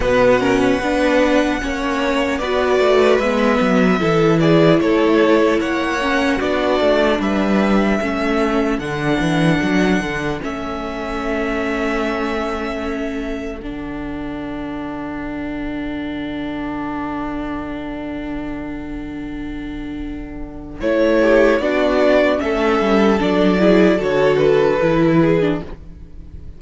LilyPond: <<
  \new Staff \with { instrumentName = "violin" } { \time 4/4 \tempo 4 = 75 fis''2. d''4 | e''4. d''8 cis''4 fis''4 | d''4 e''2 fis''4~ | fis''4 e''2.~ |
e''4 fis''2.~ | fis''1~ | fis''2 cis''4 d''4 | e''4 d''4 cis''8 b'4. | }
  \new Staff \with { instrumentName = "violin" } { \time 4/4 b'8 ais'16 b'4~ b'16 cis''4 b'4~ | b'4 a'8 gis'8 a'4 cis''4 | fis'4 b'4 a'2~ | a'1~ |
a'1~ | a'1~ | a'2~ a'8 g'8 fis'4 | a'4. gis'8 a'4. gis'8 | }
  \new Staff \with { instrumentName = "viola" } { \time 4/4 b8 cis'8 d'4 cis'4 fis'4 | b4 e'2~ e'8 cis'8 | d'2 cis'4 d'4~ | d'4 cis'2.~ |
cis'4 d'2.~ | d'1~ | d'2 e'4 d'4 | cis'4 d'8 e'8 fis'4 e'8. d'16 | }
  \new Staff \with { instrumentName = "cello" } { \time 4/4 b,4 b4 ais4 b8 a8 | gis8 fis8 e4 a4 ais4 | b8 a8 g4 a4 d8 e8 | fis8 d8 a2.~ |
a4 d2.~ | d1~ | d2 a4 b4 | a8 g8 fis4 d4 e4 | }
>>